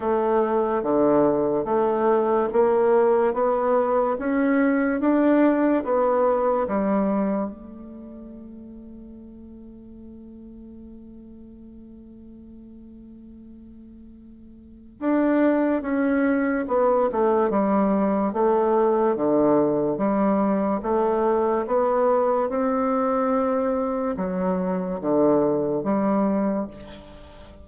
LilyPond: \new Staff \with { instrumentName = "bassoon" } { \time 4/4 \tempo 4 = 72 a4 d4 a4 ais4 | b4 cis'4 d'4 b4 | g4 a2.~ | a1~ |
a2 d'4 cis'4 | b8 a8 g4 a4 d4 | g4 a4 b4 c'4~ | c'4 fis4 d4 g4 | }